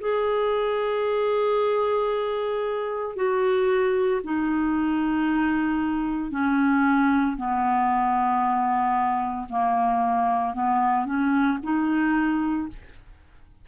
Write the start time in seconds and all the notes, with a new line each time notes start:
0.00 G#4
3.16 F#4
4.24 D#4
6.31 C#4
7.37 B3
9.49 A#3
10.54 B3
11.05 C#4
11.63 D#4